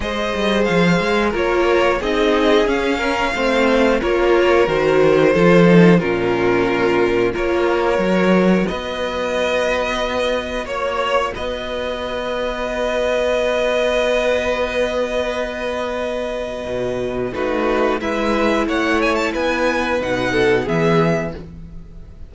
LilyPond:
<<
  \new Staff \with { instrumentName = "violin" } { \time 4/4 \tempo 4 = 90 dis''4 f''4 cis''4 dis''4 | f''2 cis''4 c''4~ | c''4 ais'2 cis''4~ | cis''4 dis''2. |
cis''4 dis''2.~ | dis''1~ | dis''2 b'4 e''4 | fis''8 gis''16 a''16 gis''4 fis''4 e''4 | }
  \new Staff \with { instrumentName = "violin" } { \time 4/4 c''2 ais'4 gis'4~ | gis'8 ais'8 c''4 ais'2 | a'4 f'2 ais'4~ | ais'4 b'2. |
cis''4 b'2.~ | b'1~ | b'2 fis'4 b'4 | cis''4 b'4. a'8 gis'4 | }
  \new Staff \with { instrumentName = "viola" } { \time 4/4 gis'2 f'4 dis'4 | cis'4 c'4 f'4 fis'4 | f'8 dis'8 cis'2 f'4 | fis'1~ |
fis'1~ | fis'1~ | fis'2 dis'4 e'4~ | e'2 dis'4 b4 | }
  \new Staff \with { instrumentName = "cello" } { \time 4/4 gis8 g8 f8 gis8 ais4 c'4 | cis'4 a4 ais4 dis4 | f4 ais,2 ais4 | fis4 b2. |
ais4 b2.~ | b1~ | b4 b,4 a4 gis4 | a4 b4 b,4 e4 | }
>>